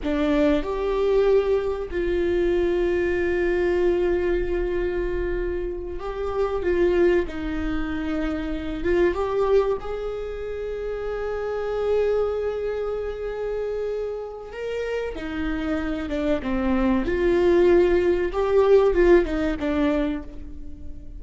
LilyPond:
\new Staff \with { instrumentName = "viola" } { \time 4/4 \tempo 4 = 95 d'4 g'2 f'4~ | f'1~ | f'4. g'4 f'4 dis'8~ | dis'2 f'8 g'4 gis'8~ |
gis'1~ | gis'2. ais'4 | dis'4. d'8 c'4 f'4~ | f'4 g'4 f'8 dis'8 d'4 | }